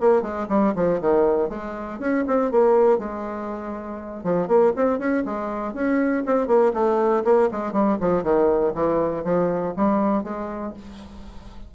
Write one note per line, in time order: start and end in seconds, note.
0.00 0.22 A#3
0.22 0.47 G#3
0.48 0.73 G3
0.75 1.00 F3
1.00 1.49 D#3
1.49 1.99 G#3
1.99 2.24 C#4
2.27 2.51 C4
2.51 2.98 A#3
2.98 4.23 G#3
4.23 4.47 F3
4.47 4.72 A#3
4.76 4.98 C4
4.98 5.23 C#4
5.25 5.73 G#3
5.73 6.23 C#4
6.26 6.47 C4
6.47 6.72 A#3
6.73 7.23 A3
7.24 7.49 A#3
7.51 7.72 G#3
7.72 7.97 G3
8.00 8.23 F3
8.23 8.73 D#3
8.74 9.24 E3
9.24 9.74 F3
9.76 10.23 G3
10.23 10.73 G#3